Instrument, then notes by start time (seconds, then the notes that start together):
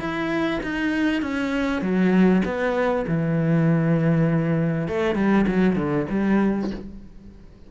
cello
0.00 E4
0.63 D#4
1.22 C#4
1.82 F#3
2.45 B3
3.08 E3
4.88 A3
5.15 G3
5.48 F#3
5.76 D3
6.10 G3